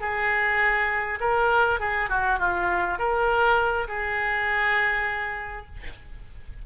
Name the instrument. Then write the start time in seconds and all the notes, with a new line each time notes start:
oboe
0.00 G#4
1.20 A#4
1.80 G#4
2.10 F#4
2.39 F4
2.98 A#4
3.88 G#4